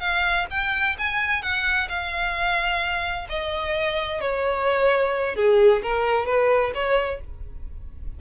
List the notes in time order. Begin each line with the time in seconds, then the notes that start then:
0.00 F5
0.50 G5
0.99 G#5
1.42 F#5
1.89 F5
3.29 D#5
4.21 C#5
5.36 G#4
5.82 A#4
6.26 B4
6.74 C#5